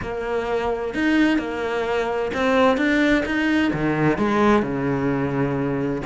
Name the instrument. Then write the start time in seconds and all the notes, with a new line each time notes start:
cello
0.01 A#3
0.94 D#4
1.38 A#3
2.33 C4
2.77 D4
3.25 D#4
3.73 D#3
4.18 G#3
4.62 C#3